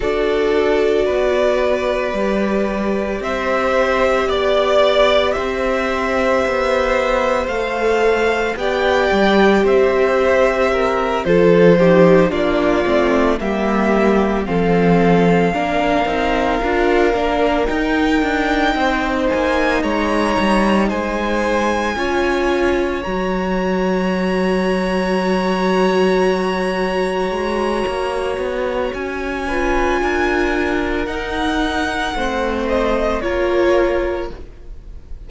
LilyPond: <<
  \new Staff \with { instrumentName = "violin" } { \time 4/4 \tempo 4 = 56 d''2. e''4 | d''4 e''2 f''4 | g''4 e''4. c''4 d''8~ | d''8 e''4 f''2~ f''8~ |
f''8 g''4. gis''8 ais''4 gis''8~ | gis''4. ais''2~ ais''8~ | ais''2. gis''4~ | gis''4 fis''4. dis''8 cis''4 | }
  \new Staff \with { instrumentName = "violin" } { \time 4/4 a'4 b'2 c''4 | d''4 c''2. | d''4 c''4 ais'8 a'8 g'8 f'8~ | f'8 g'4 a'4 ais'4.~ |
ais'4. c''4 cis''4 c''8~ | c''8 cis''2.~ cis''8~ | cis''2.~ cis''8 b'8 | ais'2 c''4 ais'4 | }
  \new Staff \with { instrumentName = "viola" } { \time 4/4 fis'2 g'2~ | g'2. a'4 | g'2~ g'8 f'8 dis'8 d'8 | c'8 ais4 c'4 d'8 dis'8 f'8 |
d'8 dis'2.~ dis'8~ | dis'8 f'4 fis'2~ fis'8~ | fis'2.~ fis'8 f'8~ | f'4 dis'4 c'4 f'4 | }
  \new Staff \with { instrumentName = "cello" } { \time 4/4 d'4 b4 g4 c'4 | b4 c'4 b4 a4 | b8 g8 c'4. f4 ais8 | a8 g4 f4 ais8 c'8 d'8 |
ais8 dis'8 d'8 c'8 ais8 gis8 g8 gis8~ | gis8 cis'4 fis2~ fis8~ | fis4. gis8 ais8 b8 cis'4 | d'4 dis'4 a4 ais4 | }
>>